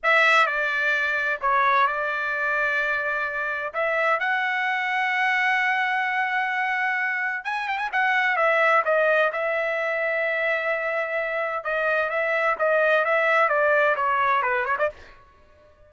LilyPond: \new Staff \with { instrumentName = "trumpet" } { \time 4/4 \tempo 4 = 129 e''4 d''2 cis''4 | d''1 | e''4 fis''2.~ | fis''1 |
gis''8 g''16 gis''16 fis''4 e''4 dis''4 | e''1~ | e''4 dis''4 e''4 dis''4 | e''4 d''4 cis''4 b'8 cis''16 d''16 | }